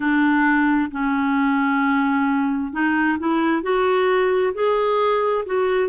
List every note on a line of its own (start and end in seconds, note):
0.00 0.90 D4
0.91 2.72 C#4
2.72 3.17 D#4
3.19 3.62 E4
3.62 4.53 F#4
4.53 5.44 G#4
5.45 5.88 F#4